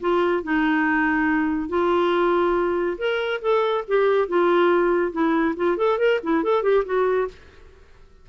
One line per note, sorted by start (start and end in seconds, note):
0.00 0.43 F4
0.43 1.68 D#4
1.68 2.97 F4
2.97 3.40 A#4
3.41 3.84 A4
3.87 4.28 G4
4.28 5.12 F4
5.12 5.55 E4
5.56 5.77 F4
5.77 5.98 A4
5.98 6.19 A#4
6.23 6.43 E4
6.43 6.62 A4
6.62 6.84 G4
6.85 7.27 F#4